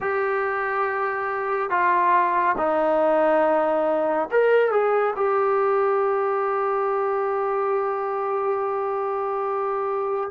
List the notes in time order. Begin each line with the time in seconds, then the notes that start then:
0.00 G4
1.69 F4
2.57 D#4
4.31 A#4
4.71 G#4
5.16 G4